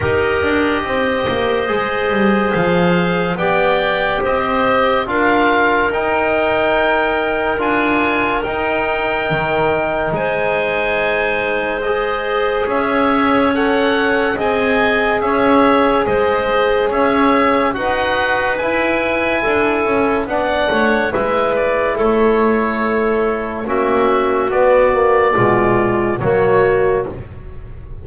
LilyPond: <<
  \new Staff \with { instrumentName = "oboe" } { \time 4/4 \tempo 4 = 71 dis''2. f''4 | g''4 dis''4 f''4 g''4~ | g''4 gis''4 g''2 | gis''2 dis''4 e''4 |
fis''4 gis''4 e''4 dis''4 | e''4 fis''4 gis''2 | fis''4 e''8 d''8 cis''2 | e''4 d''2 cis''4 | }
  \new Staff \with { instrumentName = "clarinet" } { \time 4/4 ais'4 c''2. | d''4 c''4 ais'2~ | ais'1 | c''2. cis''4~ |
cis''4 dis''4 cis''4 c''4 | cis''4 b'2 a'4 | d''8 cis''8 b'4 a'2 | fis'2 f'4 fis'4 | }
  \new Staff \with { instrumentName = "trombone" } { \time 4/4 g'2 gis'2 | g'2 f'4 dis'4~ | dis'4 f'4 dis'2~ | dis'2 gis'2 |
a'4 gis'2.~ | gis'4 fis'4 e'2 | d'4 e'2. | cis'4 b8 ais8 gis4 ais4 | }
  \new Staff \with { instrumentName = "double bass" } { \time 4/4 dis'8 d'8 c'8 ais8 gis8 g8 f4 | b4 c'4 d'4 dis'4~ | dis'4 d'4 dis'4 dis4 | gis2. cis'4~ |
cis'4 c'4 cis'4 gis4 | cis'4 dis'4 e'4 d'8 cis'8 | b8 a8 gis4 a2 | ais4 b4 b,4 fis4 | }
>>